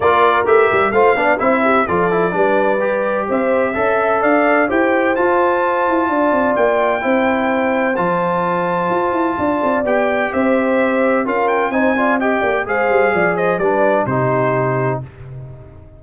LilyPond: <<
  \new Staff \with { instrumentName = "trumpet" } { \time 4/4 \tempo 4 = 128 d''4 e''4 f''4 e''4 | d''2. e''4~ | e''4 f''4 g''4 a''4~ | a''2 g''2~ |
g''4 a''2.~ | a''4 g''4 e''2 | f''8 g''8 gis''4 g''4 f''4~ | f''8 dis''8 d''4 c''2 | }
  \new Staff \with { instrumentName = "horn" } { \time 4/4 ais'2 c''8 d''8 c''8 g'8 | a'4 b'2 c''4 | e''4 d''4 c''2~ | c''4 d''2 c''4~ |
c''1 | d''2 c''2 | ais'4 c''8 d''8 dis''8 d''8 c''4 | d''8 c''8 b'4 g'2 | }
  \new Staff \with { instrumentName = "trombone" } { \time 4/4 f'4 g'4 f'8 d'8 e'4 | f'8 e'8 d'4 g'2 | a'2 g'4 f'4~ | f'2. e'4~ |
e'4 f'2.~ | f'4 g'2. | f'4 dis'8 f'8 g'4 gis'4~ | gis'4 d'4 dis'2 | }
  \new Staff \with { instrumentName = "tuba" } { \time 4/4 ais4 a8 g8 a8 b8 c'4 | f4 g2 c'4 | cis'4 d'4 e'4 f'4~ | f'8 e'8 d'8 c'8 ais4 c'4~ |
c'4 f2 f'8 e'8 | d'8 c'8 b4 c'2 | cis'4 c'4. ais8 gis8 g8 | f4 g4 c2 | }
>>